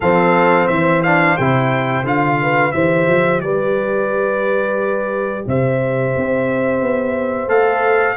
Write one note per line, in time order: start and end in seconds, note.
0.00 0.69 F3
0.00 1.04 C4
0.00 0.66 A4
0.00 0.67 F5
0.66 1.37 E3
0.66 2.37 C5
0.66 1.01 E5
1.02 1.38 D4
1.02 1.36 F5
1.36 2.04 C3
1.36 2.04 E4
1.36 2.04 G5
2.04 2.72 D3
2.04 2.72 F4
2.04 2.72 F5
2.41 2.74 B4
2.72 3.06 E3
2.72 7.48 G4
2.72 3.42 C5
2.72 3.40 E5
3.06 3.40 F3
3.40 5.44 G3
3.40 5.47 B4
3.40 5.45 D5
5.46 6.14 C3
5.46 8.17 C5
5.46 7.49 E5
6.16 6.81 C4
6.81 7.47 B3
7.47 8.15 A3
7.47 8.16 A4
7.47 8.17 F5